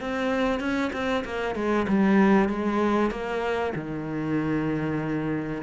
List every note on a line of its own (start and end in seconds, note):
0.00 0.60 C4
0.60 0.91 C#4
0.93 1.24 C4
1.25 1.55 A#3
1.55 1.86 G#3
1.88 2.49 G3
2.49 3.11 G#3
3.11 3.73 A#3
3.75 5.63 D#3